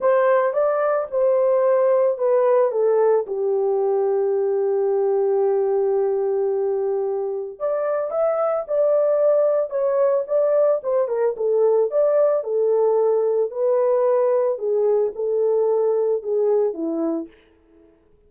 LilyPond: \new Staff \with { instrumentName = "horn" } { \time 4/4 \tempo 4 = 111 c''4 d''4 c''2 | b'4 a'4 g'2~ | g'1~ | g'2 d''4 e''4 |
d''2 cis''4 d''4 | c''8 ais'8 a'4 d''4 a'4~ | a'4 b'2 gis'4 | a'2 gis'4 e'4 | }